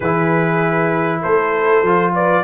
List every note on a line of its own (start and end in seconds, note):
0.00 1.23 E3
0.00 1.85 E4
0.00 1.21 G#4
0.00 1.22 B4
1.21 1.82 A3
1.21 2.13 A4
1.21 2.14 C5
1.82 2.43 F3
1.82 2.43 F4
2.14 2.43 B4
2.14 2.43 D5